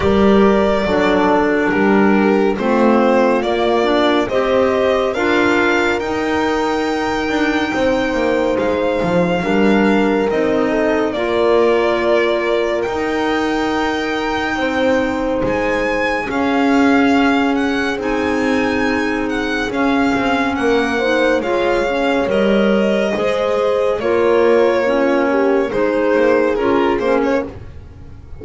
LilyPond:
<<
  \new Staff \with { instrumentName = "violin" } { \time 4/4 \tempo 4 = 70 d''2 ais'4 c''4 | d''4 dis''4 f''4 g''4~ | g''2 f''2 | dis''4 d''2 g''4~ |
g''2 gis''4 f''4~ | f''8 fis''8 gis''4. fis''8 f''4 | fis''4 f''4 dis''2 | cis''2 c''4 ais'8 c''16 cis''16 | }
  \new Staff \with { instrumentName = "horn" } { \time 4/4 ais'4 a'4 g'4 f'4~ | f'4 c''4 ais'2~ | ais'4 c''2 ais'4~ | ais'8 a'8 ais'2.~ |
ais'4 c''2 gis'4~ | gis'1 | ais'8 c''8 cis''2 c''4 | ais'4 f'8 g'8 gis'2 | }
  \new Staff \with { instrumentName = "clarinet" } { \time 4/4 g'4 d'2 c'4 | ais8 d'8 g'4 f'4 dis'4~ | dis'2. d'4 | dis'4 f'2 dis'4~ |
dis'2. cis'4~ | cis'4 dis'2 cis'4~ | cis'8 dis'8 f'8 cis'8 ais'4 gis'4 | f'4 cis'4 dis'4 f'8 cis'8 | }
  \new Staff \with { instrumentName = "double bass" } { \time 4/4 g4 fis4 g4 a4 | ais4 c'4 d'4 dis'4~ | dis'8 d'8 c'8 ais8 gis8 f8 g4 | c'4 ais2 dis'4~ |
dis'4 c'4 gis4 cis'4~ | cis'4 c'2 cis'8 c'8 | ais4 gis4 g4 gis4 | ais2 gis8 ais8 cis'8 ais8 | }
>>